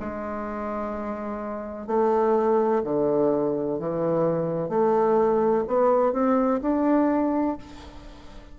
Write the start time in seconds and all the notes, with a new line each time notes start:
0.00 G#3
1.87 A3
2.84 D3
3.79 E3
4.69 A3
5.68 B3
6.13 C4
6.62 D4